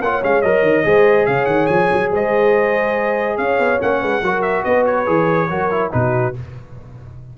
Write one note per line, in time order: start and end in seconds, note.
0.00 0.21 A#3
0.00 0.21 F4
0.00 0.86 C#5
0.00 0.23 F#5
0.21 0.43 G#3
0.21 0.43 C#4
0.21 0.41 F5
0.41 0.62 F#3
0.41 0.84 A#4
0.41 1.26 D#5
0.62 0.83 D#3
0.84 1.27 G#3
0.84 3.79 G#4
0.84 1.27 C5
1.26 1.46 C#3
1.26 2.11 C#5
1.26 1.45 F5
1.45 1.67 D#3
1.45 1.66 F#5
1.66 1.90 F3
1.66 2.08 G#5
1.92 2.11 F#3
2.11 3.38 G#3
2.11 3.37 C5
2.11 3.37 D#5
3.37 3.59 C#4
3.37 4.00 C#5
3.37 3.79 F5
3.59 3.80 B3
3.79 4.02 A#3
3.79 4.21 C#4
3.79 4.42 F#5
4.00 4.22 G#3
4.00 4.21 B4
4.22 4.64 F#3
4.22 5.06 F#4
4.22 4.64 A#4
4.42 4.63 E5
4.63 5.07 B3
4.63 5.48 B4
4.63 4.85 D#5
4.86 5.91 C#5
5.06 5.49 E3
5.06 5.48 G#4
5.49 5.92 F#3
5.49 5.70 F#4
5.49 5.92 A#4
5.70 5.90 E4
5.90 6.35 B2
5.90 6.33 D#4
5.90 6.37 F#4
5.90 6.34 B4